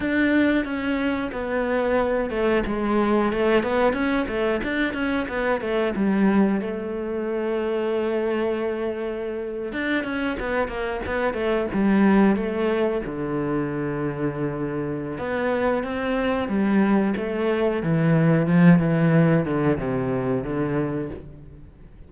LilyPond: \new Staff \with { instrumentName = "cello" } { \time 4/4 \tempo 4 = 91 d'4 cis'4 b4. a8 | gis4 a8 b8 cis'8 a8 d'8 cis'8 | b8 a8 g4 a2~ | a2~ a8. d'8 cis'8 b16~ |
b16 ais8 b8 a8 g4 a4 d16~ | d2. b4 | c'4 g4 a4 e4 | f8 e4 d8 c4 d4 | }